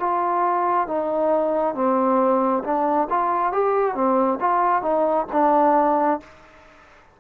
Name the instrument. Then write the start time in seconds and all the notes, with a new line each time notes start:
trombone
0.00 F4
0.88 D#4
1.75 C4
2.64 D4
3.10 F4
3.53 G4
3.95 C4
4.40 F4
4.82 D#4
5.32 D4